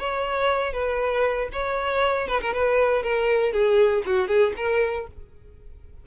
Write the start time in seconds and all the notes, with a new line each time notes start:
0.00 C#5
0.74 B4
1.53 C#5
2.28 B4
2.42 A#4
2.54 B4
3.03 A#4
3.53 G#4
4.06 F#4
4.28 G#4
4.57 A#4